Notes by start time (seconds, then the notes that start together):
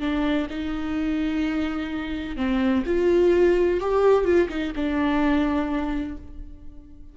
0.00 D4
0.50 D#4
2.36 C4
2.86 F4
3.80 G4
4.25 F4
4.49 D#4
4.75 D4